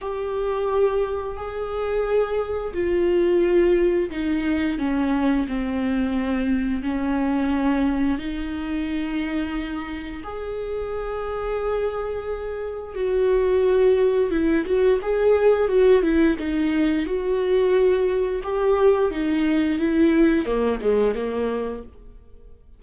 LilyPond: \new Staff \with { instrumentName = "viola" } { \time 4/4 \tempo 4 = 88 g'2 gis'2 | f'2 dis'4 cis'4 | c'2 cis'2 | dis'2. gis'4~ |
gis'2. fis'4~ | fis'4 e'8 fis'8 gis'4 fis'8 e'8 | dis'4 fis'2 g'4 | dis'4 e'4 ais8 gis8 ais4 | }